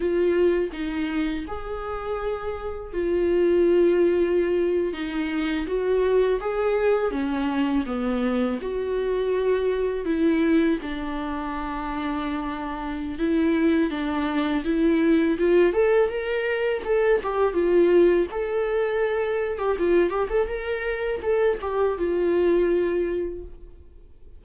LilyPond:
\new Staff \with { instrumentName = "viola" } { \time 4/4 \tempo 4 = 82 f'4 dis'4 gis'2 | f'2~ f'8. dis'4 fis'16~ | fis'8. gis'4 cis'4 b4 fis'16~ | fis'4.~ fis'16 e'4 d'4~ d'16~ |
d'2 e'4 d'4 | e'4 f'8 a'8 ais'4 a'8 g'8 | f'4 a'4.~ a'16 g'16 f'8 g'16 a'16 | ais'4 a'8 g'8 f'2 | }